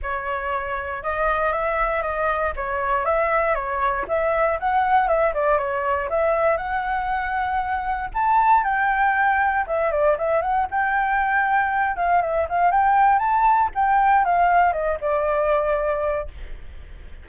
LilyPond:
\new Staff \with { instrumentName = "flute" } { \time 4/4 \tempo 4 = 118 cis''2 dis''4 e''4 | dis''4 cis''4 e''4 cis''4 | e''4 fis''4 e''8 d''8 cis''4 | e''4 fis''2. |
a''4 g''2 e''8 d''8 | e''8 fis''8 g''2~ g''8 f''8 | e''8 f''8 g''4 a''4 g''4 | f''4 dis''8 d''2~ d''8 | }